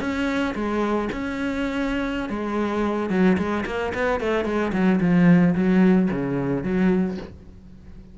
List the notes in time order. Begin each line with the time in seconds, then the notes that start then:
0.00 C#4
0.55 G#3
1.12 C#4
2.29 G#3
3.10 F#3
3.38 G#3
3.66 A#3
3.94 B3
4.20 A3
4.45 G#3
4.72 F#3
5.00 F3
5.55 F#3
6.11 C#3
6.63 F#3